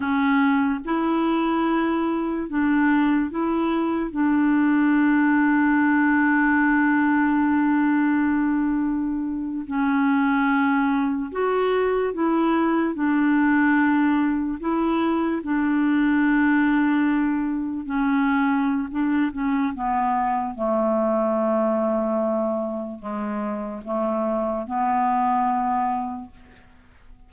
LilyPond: \new Staff \with { instrumentName = "clarinet" } { \time 4/4 \tempo 4 = 73 cis'4 e'2 d'4 | e'4 d'2.~ | d'2.~ d'8. cis'16~ | cis'4.~ cis'16 fis'4 e'4 d'16~ |
d'4.~ d'16 e'4 d'4~ d'16~ | d'4.~ d'16 cis'4~ cis'16 d'8 cis'8 | b4 a2. | gis4 a4 b2 | }